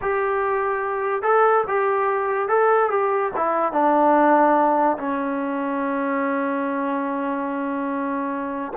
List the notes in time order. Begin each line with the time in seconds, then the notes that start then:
0.01 G4
1.22 A4
1.67 G4
2.48 A4
2.90 G4
3.36 E4
3.72 D4
4.97 C#4